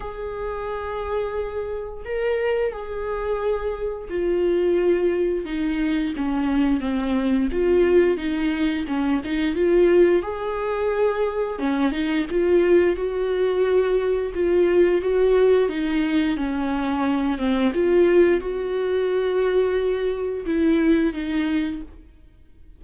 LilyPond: \new Staff \with { instrumentName = "viola" } { \time 4/4 \tempo 4 = 88 gis'2. ais'4 | gis'2 f'2 | dis'4 cis'4 c'4 f'4 | dis'4 cis'8 dis'8 f'4 gis'4~ |
gis'4 cis'8 dis'8 f'4 fis'4~ | fis'4 f'4 fis'4 dis'4 | cis'4. c'8 f'4 fis'4~ | fis'2 e'4 dis'4 | }